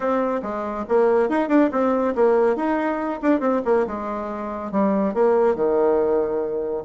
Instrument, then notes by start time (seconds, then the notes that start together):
bassoon
0.00 C4
0.42 G#3
0.88 A#3
1.29 D#4
1.48 D4
1.71 C4
2.15 A#3
2.55 D#4
3.21 D4
3.40 C4
3.64 A#3
3.86 G#3
4.71 G3
5.14 A#3
5.55 D#3